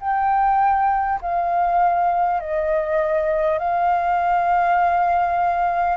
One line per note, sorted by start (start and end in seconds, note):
0.00 1.20 G5
1.22 2.40 F5
2.40 3.59 D#5
3.59 5.97 F5